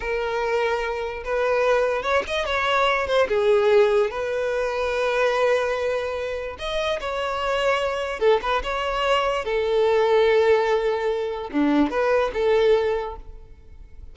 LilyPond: \new Staff \with { instrumentName = "violin" } { \time 4/4 \tempo 4 = 146 ais'2. b'4~ | b'4 cis''8 dis''8 cis''4. c''8 | gis'2 b'2~ | b'1 |
dis''4 cis''2. | a'8 b'8 cis''2 a'4~ | a'1 | d'4 b'4 a'2 | }